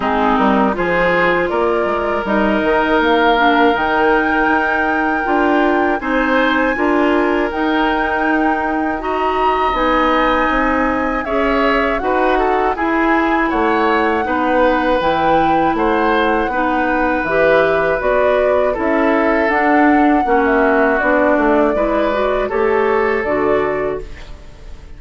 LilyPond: <<
  \new Staff \with { instrumentName = "flute" } { \time 4/4 \tempo 4 = 80 gis'8 ais'8 c''4 d''4 dis''4 | f''4 g''2. | gis''2 g''2 | ais''4 gis''2 e''4 |
fis''4 gis''4 fis''2 | g''4 fis''2 e''4 | d''4 e''4 fis''4~ fis''16 e''8. | d''2 cis''4 d''4 | }
  \new Staff \with { instrumentName = "oboe" } { \time 4/4 dis'4 gis'4 ais'2~ | ais'1 | c''4 ais'2. | dis''2. cis''4 |
b'8 a'8 gis'4 cis''4 b'4~ | b'4 c''4 b'2~ | b'4 a'2 fis'4~ | fis'4 b'4 a'2 | }
  \new Staff \with { instrumentName = "clarinet" } { \time 4/4 c'4 f'2 dis'4~ | dis'8 d'8 dis'2 f'4 | dis'4 f'4 dis'2 | fis'4 dis'2 gis'4 |
fis'4 e'2 dis'4 | e'2 dis'4 g'4 | fis'4 e'4 d'4 cis'4 | d'4 e'8 fis'8 g'4 fis'4 | }
  \new Staff \with { instrumentName = "bassoon" } { \time 4/4 gis8 g8 f4 ais8 gis8 g8 dis8 | ais4 dis4 dis'4 d'4 | c'4 d'4 dis'2~ | dis'4 b4 c'4 cis'4 |
dis'4 e'4 a4 b4 | e4 a4 b4 e4 | b4 cis'4 d'4 ais4 | b8 a8 gis4 a4 d4 | }
>>